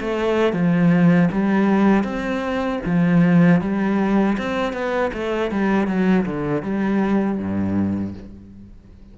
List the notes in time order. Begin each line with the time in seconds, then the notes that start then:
0.00 A3
0.53 F3
1.32 G3
2.04 C4
2.85 F3
3.61 G3
4.38 C4
4.73 B3
5.14 A3
5.51 G3
5.87 F#3
6.26 D3
6.63 G3
7.38 G2